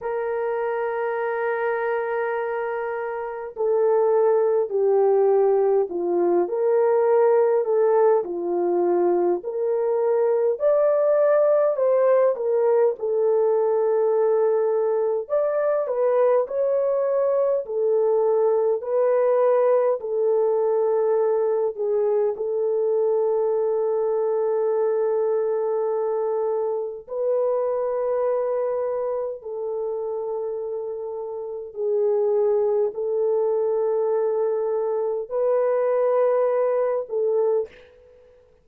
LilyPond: \new Staff \with { instrumentName = "horn" } { \time 4/4 \tempo 4 = 51 ais'2. a'4 | g'4 f'8 ais'4 a'8 f'4 | ais'4 d''4 c''8 ais'8 a'4~ | a'4 d''8 b'8 cis''4 a'4 |
b'4 a'4. gis'8 a'4~ | a'2. b'4~ | b'4 a'2 gis'4 | a'2 b'4. a'8 | }